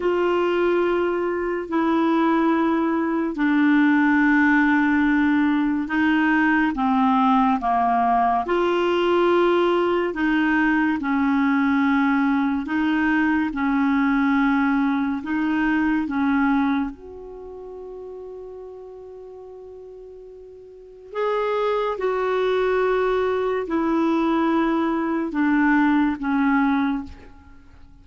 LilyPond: \new Staff \with { instrumentName = "clarinet" } { \time 4/4 \tempo 4 = 71 f'2 e'2 | d'2. dis'4 | c'4 ais4 f'2 | dis'4 cis'2 dis'4 |
cis'2 dis'4 cis'4 | fis'1~ | fis'4 gis'4 fis'2 | e'2 d'4 cis'4 | }